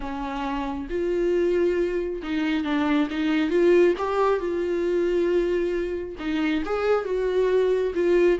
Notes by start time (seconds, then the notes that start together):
0.00 C#4
0.89 F4
2.22 D#4
2.64 D4
3.10 D#4
3.50 F4
3.97 G4
4.39 F4
6.19 D#4
6.65 G#4
7.04 F#4
7.94 F4